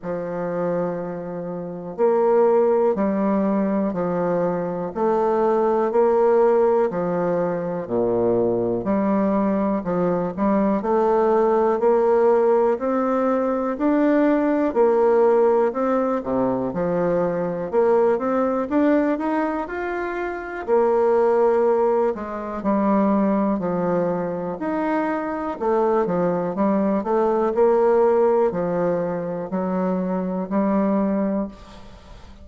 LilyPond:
\new Staff \with { instrumentName = "bassoon" } { \time 4/4 \tempo 4 = 61 f2 ais4 g4 | f4 a4 ais4 f4 | ais,4 g4 f8 g8 a4 | ais4 c'4 d'4 ais4 |
c'8 c8 f4 ais8 c'8 d'8 dis'8 | f'4 ais4. gis8 g4 | f4 dis'4 a8 f8 g8 a8 | ais4 f4 fis4 g4 | }